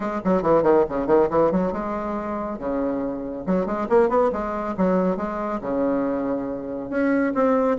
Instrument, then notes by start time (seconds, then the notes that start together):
bassoon
0.00 G#3
0.24 F#3
0.42 E3
0.63 D#3
0.89 C#3
1.07 D#3
1.29 E3
1.51 F#3
1.72 G#3
2.58 C#3
3.46 F#3
3.66 G#3
3.89 A#3
4.09 B3
4.32 G#3
4.77 F#3
5.17 G#3
5.61 C#3
6.90 C#4
7.34 C4